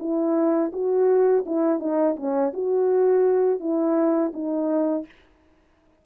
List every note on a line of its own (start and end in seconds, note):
0.00 0.72 E4
0.73 1.45 F#4
1.46 1.80 E4
1.80 2.16 D#4
2.17 2.53 C#4
2.54 3.60 F#4
3.60 4.33 E4
4.34 5.06 D#4